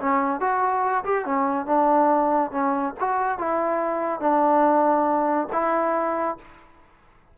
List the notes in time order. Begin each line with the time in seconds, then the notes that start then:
0.00 C#4
0.41 F#4
1.05 G4
1.26 C#4
1.66 D4
2.52 C#4
3.00 F#4
3.39 E4
4.21 D4
5.53 E4